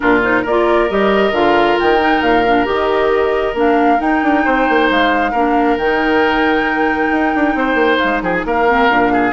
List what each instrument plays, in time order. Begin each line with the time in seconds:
0.00 bassoon A#2, clarinet D4, oboe F4, flute A#4
0.22 clarinet D#4, flute C5
0.42 bassoon A#3, oboe A#4, flute D5
0.49 clarinet F4
0.89 bassoon G3, clarinet G4, flute D#5
1.31 bassoon D3, clarinet F4, flute F5
1.79 bassoon D#3, flute G5
1.99 clarinet D#4
2.21 bassoon A#2, flute F5
2.46 clarinet D4
2.65 bassoon D#3, clarinet G4, flute D#5
3.54 bassoon A#3, clarinet D4, flute F5
3.98 clarinet D#4, bassoon D#4, flute G5
4.22 bassoon D4
4.44 bassoon C4, oboe C5
4.69 bassoon A#3
4.90 bassoon G#3, flute F5
5.31 bassoon A#3, clarinet D4, oboe A#4
5.77 bassoon D#3, clarinet D#4, flute G5
7.11 bassoon D#4
7.35 bassoon D4
7.54 bassoon C4, oboe C5
7.74 bassoon A#3
7.98 bassoon G#3, flute F5
8.21 bassoon F3, oboe G#4, flute G5
8.33 flute G#5
8.45 bassoon A#3, oboe A#4, flute F5
8.68 clarinet C4
8.89 bassoon A#2, clarinet D4
9.13 oboe G#4